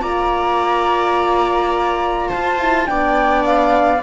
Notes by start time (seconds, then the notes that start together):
0.00 A#3 F4 D5 A#5
2.28 F4 C5 A5
2.59 E4
2.85 B3 D4 D5 G5
3.45 F5